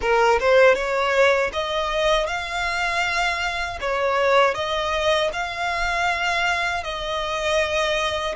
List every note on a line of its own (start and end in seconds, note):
0.01 0.39 A#4
0.39 0.74 C5
0.74 1.50 C#5
1.53 2.26 D#5
2.26 3.78 F5
3.80 4.54 C#5
4.54 5.30 D#5
5.32 6.83 F5
6.83 8.35 D#5